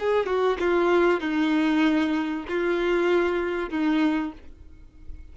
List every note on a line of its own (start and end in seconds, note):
0.00 0.26 G#4
0.26 0.57 F#4
0.60 1.21 F4
1.21 2.46 D#4
2.49 3.70 F4
3.70 4.33 D#4